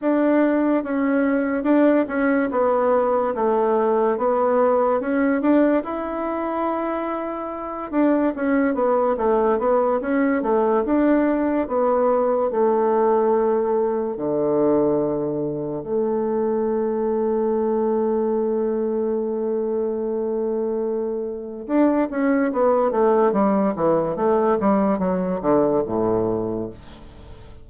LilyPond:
\new Staff \with { instrumentName = "bassoon" } { \time 4/4 \tempo 4 = 72 d'4 cis'4 d'8 cis'8 b4 | a4 b4 cis'8 d'8 e'4~ | e'4. d'8 cis'8 b8 a8 b8 | cis'8 a8 d'4 b4 a4~ |
a4 d2 a4~ | a1~ | a2 d'8 cis'8 b8 a8 | g8 e8 a8 g8 fis8 d8 a,4 | }